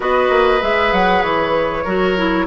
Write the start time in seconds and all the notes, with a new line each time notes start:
0.00 B3 F#4 B4 D#5
0.29 A#3
0.60 G#3 G#4 E5
0.92 F#3 F#5
1.23 E3 C#5
1.84 F#3 F#4 A#4
2.16 E4